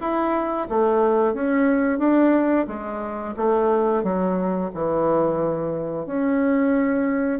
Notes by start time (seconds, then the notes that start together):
0.00 E4
0.69 A3
1.34 C#4
1.98 D4
2.67 G#3
3.36 A3
4.03 F#3
4.74 E3
6.06 C#4